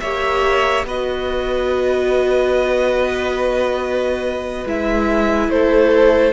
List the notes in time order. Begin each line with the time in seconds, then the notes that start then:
0.00 A#3 G4 C#5 E5
0.85 B3 F#4 B4 D#5
4.65 G#3 E4 E5
5.48 A3 A4 C5